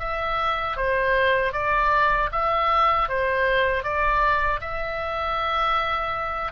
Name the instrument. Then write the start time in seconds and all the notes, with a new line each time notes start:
oboe
0.00 E5
0.77 C5
1.53 D5
2.33 E5
3.09 C5
3.84 D5
4.61 E5